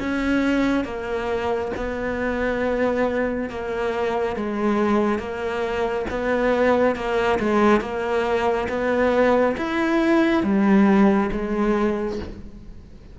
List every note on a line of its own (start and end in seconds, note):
0.00 0.85 C#4
0.85 1.72 A#3
1.77 3.50 B3
3.50 4.36 A#3
4.36 5.19 G#3
5.19 6.06 A#3
6.10 6.96 B3
6.96 7.39 A#3
7.40 7.81 G#3
7.81 8.68 A#3
8.69 9.56 B3
9.58 10.43 E4
10.43 11.30 G3
11.32 12.19 G#3